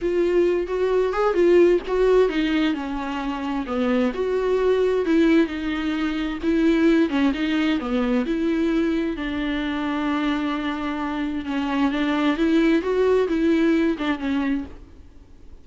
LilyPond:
\new Staff \with { instrumentName = "viola" } { \time 4/4 \tempo 4 = 131 f'4. fis'4 gis'8 f'4 | fis'4 dis'4 cis'2 | b4 fis'2 e'4 | dis'2 e'4. cis'8 |
dis'4 b4 e'2 | d'1~ | d'4 cis'4 d'4 e'4 | fis'4 e'4. d'8 cis'4 | }